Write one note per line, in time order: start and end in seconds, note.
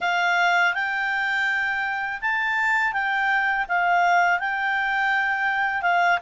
0.00 0.74 F5
0.74 2.20 G5
2.21 2.92 A5
2.92 3.66 G5
3.68 4.39 F5
4.39 5.82 G5
5.82 6.18 F5